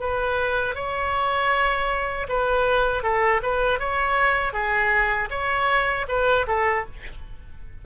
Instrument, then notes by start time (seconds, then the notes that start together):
oboe
0.00 B4
0.75 C#5
2.29 B4
3.03 A4
3.43 B4
3.80 C#5
4.53 G#4
5.30 C#5
6.08 B4
6.48 A4